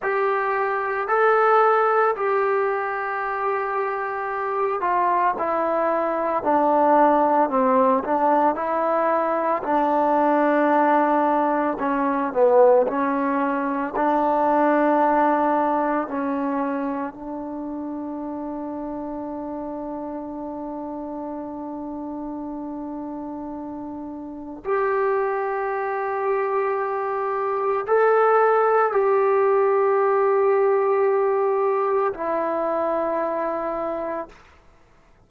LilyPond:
\new Staff \with { instrumentName = "trombone" } { \time 4/4 \tempo 4 = 56 g'4 a'4 g'2~ | g'8 f'8 e'4 d'4 c'8 d'8 | e'4 d'2 cis'8 b8 | cis'4 d'2 cis'4 |
d'1~ | d'2. g'4~ | g'2 a'4 g'4~ | g'2 e'2 | }